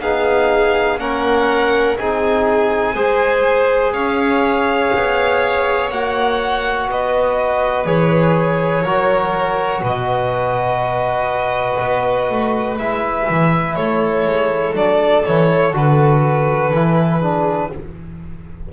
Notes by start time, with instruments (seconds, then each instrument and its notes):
0.00 double bass B3, trombone D#4, violin G#4 F5
0.99 double bass A#3, trombone C#4, violin A#4 F#5
1.98 double bass C4, trombone D#4, violin G#4 G#5
2.95 double bass G#3, trombone G#4, violin C5
3.93 double bass C#4, violin C#5 F5
4.95 double bass B3
5.91 double bass A#3, trombone F#4, violin F#5
6.87 double bass B3, violin B4 D#5
7.85 double bass E3, trombone G#4, violin C#5
8.83 double bass F#3, trombone F#4, violin A#4
9.82 double bass B2, violin B4 D#5
11.81 double bass B3
12.30 double bass A3
12.78 double bass G#3, trombone E4, violin E5
13.29 double bass E3
13.76 double bass A3, violin A4 C#5
14.26 double bass G#3
14.73 double bass F#3, trombone D4, violin D5
15.25 double bass E3, trombone E4, violin C#5
15.73 double bass D3, trombone F#4, violin B4
16.71 double bass E3, trombone E4
17.19 trombone D4, violin G#4